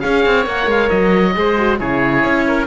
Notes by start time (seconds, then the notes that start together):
0.00 C#4 G#4 C#5 F5
0.25 C4
0.43 A#3 A#4 F#5
0.66 G#3 F5
0.89 F#3 D#5
1.34 G#3 G#4 C5
1.58 F#4
1.78 C#3 E4 G#4 C#5
2.23 C#4
2.47 A#4